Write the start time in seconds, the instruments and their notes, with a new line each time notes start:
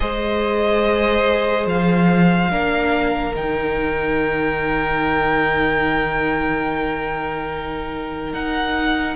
0.00 cello G#3, viola G#4, violin C5 D#5
1.66 cello F3, violin F5
2.50 cello A#3, viola D4, violin A#4
3.35 cello D#3, viola D#4, violin G5
8.32 cello D#4, violin F#5